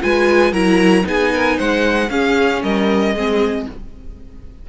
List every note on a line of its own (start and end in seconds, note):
0.00 0.52 G#3
0.00 0.52 F4
0.00 0.52 B4
0.00 0.53 G#5
0.52 1.04 F#3
0.52 1.03 E4
0.52 1.04 A#4
0.52 1.05 A#5
1.03 1.58 B3
1.03 2.07 D#4
1.03 1.33 G#4
1.03 1.59 G#5
1.33 1.56 A#4
1.56 2.09 G#3
1.56 2.08 C5
1.56 2.09 F#5
2.09 2.61 C#4
2.09 3.14 C#4
2.09 2.62 G#4
2.09 2.62 F5
2.62 3.13 G3
2.62 3.14 A#4
2.62 3.67 D#5
3.13 3.66 G#3
3.13 3.69 C4
3.13 3.66 G#4